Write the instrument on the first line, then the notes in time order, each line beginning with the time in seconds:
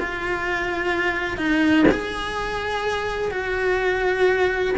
cello
0.00 F4
1.38 D#4
1.92 G#4
3.32 F#4